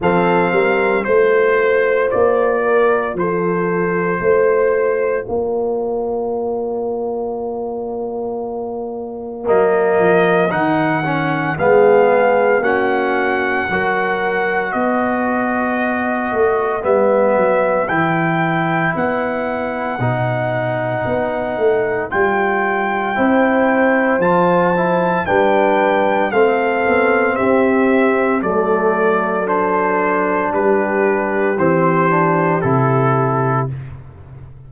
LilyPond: <<
  \new Staff \with { instrumentName = "trumpet" } { \time 4/4 \tempo 4 = 57 f''4 c''4 d''4 c''4~ | c''4 d''2.~ | d''4 dis''4 fis''4 f''4 | fis''2 dis''2 |
e''4 g''4 fis''2~ | fis''4 g''2 a''4 | g''4 f''4 e''4 d''4 | c''4 b'4 c''4 a'4 | }
  \new Staff \with { instrumentName = "horn" } { \time 4/4 a'8 ais'8 c''4. ais'8 a'4 | c''4 ais'2.~ | ais'2. gis'4 | fis'4 ais'4 b'2~ |
b'1~ | b'2 c''2 | b'4 a'4 g'4 a'4~ | a'4 g'2. | }
  \new Staff \with { instrumentName = "trombone" } { \time 4/4 c'4 f'2.~ | f'1~ | f'4 ais4 dis'8 cis'8 b4 | cis'4 fis'2. |
b4 e'2 dis'4~ | dis'4 f'4 e'4 f'8 e'8 | d'4 c'2 a4 | d'2 c'8 d'8 e'4 | }
  \new Staff \with { instrumentName = "tuba" } { \time 4/4 f8 g8 a4 ais4 f4 | a4 ais2.~ | ais4 fis8 f8 dis4 gis4 | ais4 fis4 b4. a8 |
g8 fis8 e4 b4 b,4 | b8 a8 g4 c'4 f4 | g4 a8 b8 c'4 fis4~ | fis4 g4 e4 c4 | }
>>